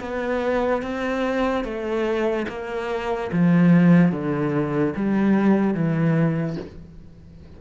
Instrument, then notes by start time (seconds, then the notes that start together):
cello
0.00 B3
0.82 C4
1.64 A3
2.48 A#3
3.32 F3
4.12 D3
4.95 G3
5.74 E3